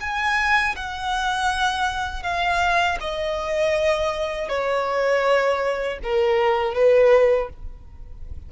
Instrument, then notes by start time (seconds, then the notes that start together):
violin
0.00 G#5
0.76 F#5
2.23 F5
3.00 D#5
4.49 C#5
6.03 A#4
6.74 B4